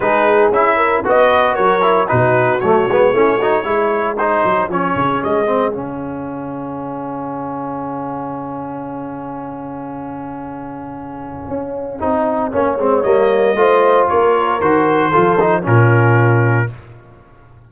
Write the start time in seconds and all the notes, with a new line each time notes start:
0.00 G#3 D#4 G#4 B4
0.49 C#4 E4 E5
0.76 A#4
1.04 B3 F#4 B4 D#5
1.54 F#3 A#4 C#5
1.81 E4
2.07 B2 D#4 F#4 B4
2.59 F#3 A3 C#5
2.88 G#3 B3
3.12 A3 C#4 E4
3.38 D#4 F#4
3.64 G#3 E4 G#4
4.17 D#4 C5
4.44 F#3
4.68 F3 C#4 C#5
4.95 C#3
5.23 G#3 D#5
5.46 C4
5.72 C#3 C#4 F5
11.48 C#4
11.99 C4 D#4
12.50 A#3 C#4 C#5
12.77 G#3 C4
13.02 G3 A#3 D#5
13.55 A3 F4 C5
14.08 A#3 A#4 C#5
14.60 D#3 F#4 C5
15.10 F3 F4 A4
15.40 D#4
15.62 A#2 C#4 F4 A#4